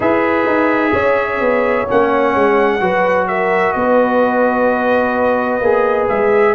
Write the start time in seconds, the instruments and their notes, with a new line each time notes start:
0.00 tuba E4, trombone G#4, horn B4, trumpet E5
0.46 tuba D#4
0.93 tuba C#4, horn C#5
1.40 tuba B3
1.88 tuba A#3, trombone C#4, trumpet F#5
2.35 tuba G#3
2.80 tuba F#3, trombone F#4, horn B4
3.27 horn A#4, trumpet E5
3.72 tuba B3, horn B4, trumpet D#5
5.60 tuba A#3, trombone G#4
6.08 tuba G#3, trumpet E5